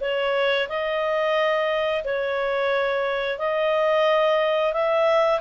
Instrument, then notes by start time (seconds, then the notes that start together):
clarinet
0.00 C#5
0.68 D#5
2.04 C#5
3.38 D#5
4.73 E5